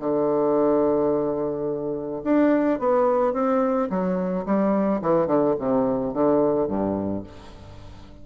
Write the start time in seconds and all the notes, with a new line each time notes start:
0.00 D3
2.24 D4
2.80 B3
3.34 C4
3.90 F#3
4.46 G3
5.02 E3
5.27 D3
5.59 C3
6.14 D3
6.68 G2